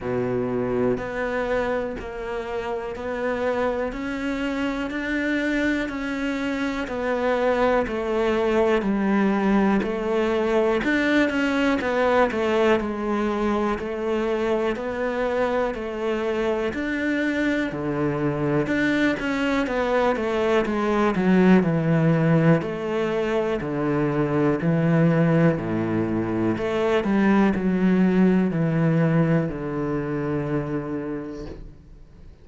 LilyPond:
\new Staff \with { instrumentName = "cello" } { \time 4/4 \tempo 4 = 61 b,4 b4 ais4 b4 | cis'4 d'4 cis'4 b4 | a4 g4 a4 d'8 cis'8 | b8 a8 gis4 a4 b4 |
a4 d'4 d4 d'8 cis'8 | b8 a8 gis8 fis8 e4 a4 | d4 e4 a,4 a8 g8 | fis4 e4 d2 | }